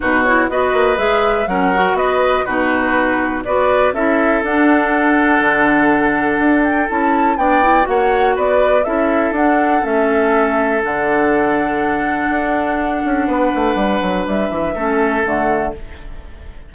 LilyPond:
<<
  \new Staff \with { instrumentName = "flute" } { \time 4/4 \tempo 4 = 122 b'8 cis''8 dis''4 e''4 fis''4 | dis''4 b'2 d''4 | e''4 fis''2.~ | fis''4. g''8 a''4 g''4 |
fis''4 d''4 e''4 fis''4 | e''2 fis''2~ | fis''1~ | fis''4 e''2 fis''4 | }
  \new Staff \with { instrumentName = "oboe" } { \time 4/4 fis'4 b'2 ais'4 | b'4 fis'2 b'4 | a'1~ | a'2. d''4 |
cis''4 b'4 a'2~ | a'1~ | a'2. b'4~ | b'2 a'2 | }
  \new Staff \with { instrumentName = "clarinet" } { \time 4/4 dis'8 e'8 fis'4 gis'4 cis'8 fis'8~ | fis'4 dis'2 fis'4 | e'4 d'2.~ | d'2 e'4 d'8 e'8 |
fis'2 e'4 d'4 | cis'2 d'2~ | d'1~ | d'2 cis'4 a4 | }
  \new Staff \with { instrumentName = "bassoon" } { \time 4/4 b,4 b8 ais8 gis4 fis4 | b4 b,2 b4 | cis'4 d'2 d4~ | d4 d'4 cis'4 b4 |
ais4 b4 cis'4 d'4 | a2 d2~ | d4 d'4. cis'8 b8 a8 | g8 fis8 g8 e8 a4 d4 | }
>>